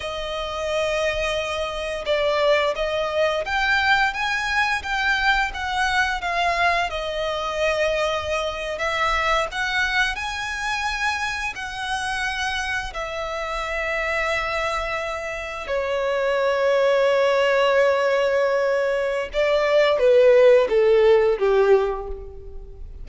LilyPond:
\new Staff \with { instrumentName = "violin" } { \time 4/4 \tempo 4 = 87 dis''2. d''4 | dis''4 g''4 gis''4 g''4 | fis''4 f''4 dis''2~ | dis''8. e''4 fis''4 gis''4~ gis''16~ |
gis''8. fis''2 e''4~ e''16~ | e''2~ e''8. cis''4~ cis''16~ | cis''1 | d''4 b'4 a'4 g'4 | }